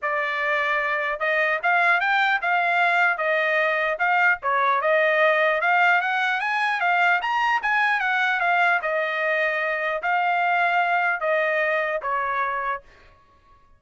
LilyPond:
\new Staff \with { instrumentName = "trumpet" } { \time 4/4 \tempo 4 = 150 d''2. dis''4 | f''4 g''4 f''2 | dis''2 f''4 cis''4 | dis''2 f''4 fis''4 |
gis''4 f''4 ais''4 gis''4 | fis''4 f''4 dis''2~ | dis''4 f''2. | dis''2 cis''2 | }